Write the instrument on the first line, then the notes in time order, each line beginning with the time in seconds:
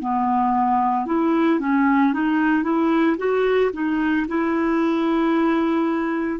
clarinet
0.00 B3
1.06 E4
1.60 C#4
2.13 D#4
2.63 E4
3.18 F#4
3.73 D#4
4.28 E4